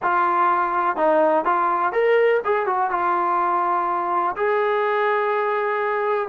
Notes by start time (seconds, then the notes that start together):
0.02 F4
0.96 D#4
1.45 F4
1.92 A#4
2.44 G#4
2.66 F#4
2.90 F4
4.36 G#4